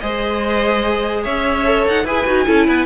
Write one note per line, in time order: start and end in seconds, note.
0.00 1.25 G#3
0.00 1.64 G#4
0.00 1.23 C5
0.00 1.23 D#5
1.23 1.87 C#4
1.23 2.04 C#5
1.23 1.85 E5
1.64 2.05 A4
1.87 2.04 D#4
1.87 2.06 F#5
2.04 2.25 E4
2.04 2.26 G#4
2.04 2.45 B4
2.04 2.86 G#5
2.26 2.47 D#4
2.26 2.46 F#4
2.46 2.67 C#4
2.46 2.86 E4
2.46 2.66 A4
2.67 2.86 B3
2.67 2.86 B4